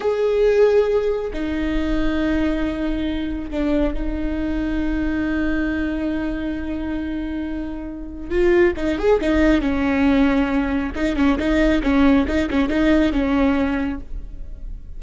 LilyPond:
\new Staff \with { instrumentName = "viola" } { \time 4/4 \tempo 4 = 137 gis'2. dis'4~ | dis'1 | d'4 dis'2.~ | dis'1~ |
dis'2. f'4 | dis'8 gis'8 dis'4 cis'2~ | cis'4 dis'8 cis'8 dis'4 cis'4 | dis'8 cis'8 dis'4 cis'2 | }